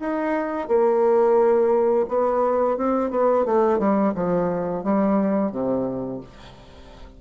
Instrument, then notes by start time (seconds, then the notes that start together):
bassoon
0.00 D#4
0.68 A#3
2.09 B3
2.77 C4
3.11 B3
3.45 A3
3.79 G3
4.15 F3
4.84 G3
5.52 C3